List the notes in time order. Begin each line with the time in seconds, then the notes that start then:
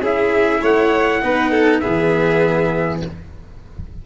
0.00 C#4 E4 G#4 E5
0.61 A3 C#5 F#5
1.22 B3 D#4 B4
1.51 A4
1.80 B3 G#4 E5
1.86 E3